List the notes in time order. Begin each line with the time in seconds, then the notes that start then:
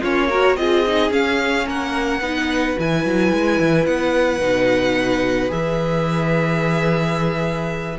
0.00 A#3 C#4 F4 C#5
0.29 F#4 A#4
0.56 C4 F4 G#4 D#5
0.86 D#4
1.10 C#4 F5
1.66 A#3 A#4 F#5
2.21 B3 D#4 B4
2.77 E3 E4 G#5
3.05 F#3
3.32 G#3
3.59 E3
3.85 B3 F#5
4.40 B2 D#4
5.48 E3 G#4 E5